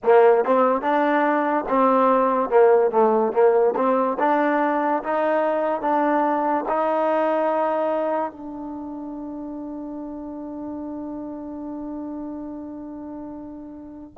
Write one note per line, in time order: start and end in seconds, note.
0.03 0.44 A#3
0.44 0.81 C4
0.81 1.64 D4
1.68 2.49 C4
2.49 2.91 A#3
2.91 3.33 A3
3.33 3.74 A#3
3.76 4.17 C4
4.19 5.02 D4
5.03 5.81 D#4
5.81 6.64 D4
6.68 8.31 D#4
8.31 14.14 D4